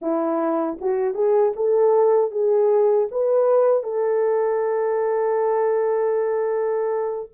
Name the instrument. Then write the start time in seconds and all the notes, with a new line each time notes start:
horn
0.01 E4
0.80 F#4
1.14 G#4
1.56 A4
2.31 G#4
3.11 B4
3.83 A4